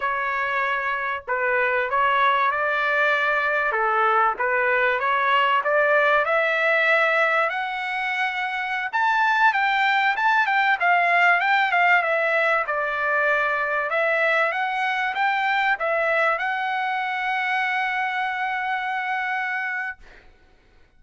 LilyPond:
\new Staff \with { instrumentName = "trumpet" } { \time 4/4 \tempo 4 = 96 cis''2 b'4 cis''4 | d''2 a'4 b'4 | cis''4 d''4 e''2 | fis''2~ fis''16 a''4 g''8.~ |
g''16 a''8 g''8 f''4 g''8 f''8 e''8.~ | e''16 d''2 e''4 fis''8.~ | fis''16 g''4 e''4 fis''4.~ fis''16~ | fis''1 | }